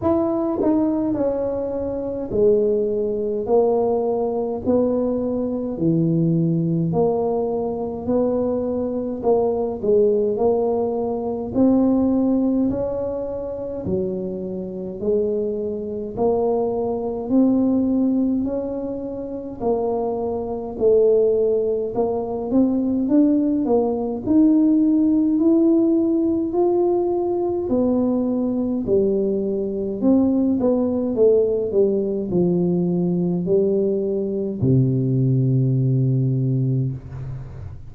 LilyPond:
\new Staff \with { instrumentName = "tuba" } { \time 4/4 \tempo 4 = 52 e'8 dis'8 cis'4 gis4 ais4 | b4 e4 ais4 b4 | ais8 gis8 ais4 c'4 cis'4 | fis4 gis4 ais4 c'4 |
cis'4 ais4 a4 ais8 c'8 | d'8 ais8 dis'4 e'4 f'4 | b4 g4 c'8 b8 a8 g8 | f4 g4 c2 | }